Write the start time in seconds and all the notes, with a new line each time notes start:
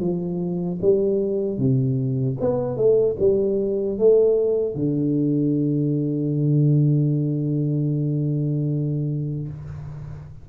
0.00 F3
0.81 G3
1.58 C3
2.40 B3
2.76 A3
3.19 G3
3.98 A3
4.74 D3